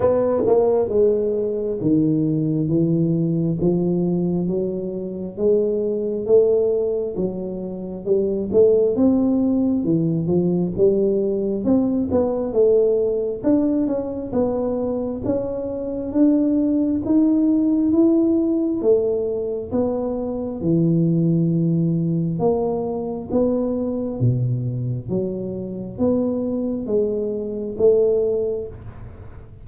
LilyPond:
\new Staff \with { instrumentName = "tuba" } { \time 4/4 \tempo 4 = 67 b8 ais8 gis4 dis4 e4 | f4 fis4 gis4 a4 | fis4 g8 a8 c'4 e8 f8 | g4 c'8 b8 a4 d'8 cis'8 |
b4 cis'4 d'4 dis'4 | e'4 a4 b4 e4~ | e4 ais4 b4 b,4 | fis4 b4 gis4 a4 | }